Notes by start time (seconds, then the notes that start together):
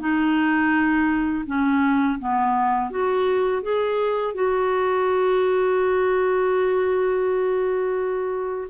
0.00 D#4
1.47 C#4
2.19 B3
2.90 F#4
3.62 G#4
4.34 F#4